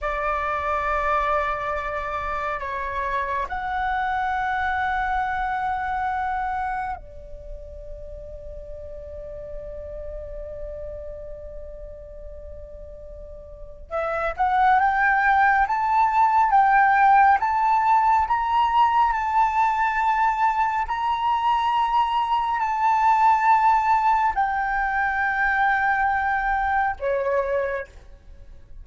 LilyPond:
\new Staff \with { instrumentName = "flute" } { \time 4/4 \tempo 4 = 69 d''2. cis''4 | fis''1 | d''1~ | d''1 |
e''8 fis''8 g''4 a''4 g''4 | a''4 ais''4 a''2 | ais''2 a''2 | g''2. cis''4 | }